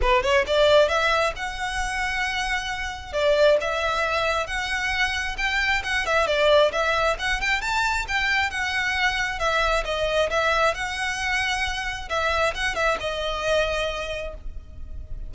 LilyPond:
\new Staff \with { instrumentName = "violin" } { \time 4/4 \tempo 4 = 134 b'8 cis''8 d''4 e''4 fis''4~ | fis''2. d''4 | e''2 fis''2 | g''4 fis''8 e''8 d''4 e''4 |
fis''8 g''8 a''4 g''4 fis''4~ | fis''4 e''4 dis''4 e''4 | fis''2. e''4 | fis''8 e''8 dis''2. | }